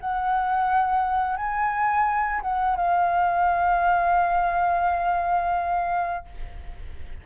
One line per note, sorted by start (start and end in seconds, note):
0.00 1.36 F#5
1.36 2.41 G#5
2.41 2.76 F#5
2.76 6.25 F5